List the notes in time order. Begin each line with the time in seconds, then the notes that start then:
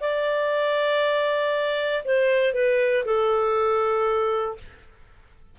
0.00 D5
2.04 C5
2.53 B4
3.05 A4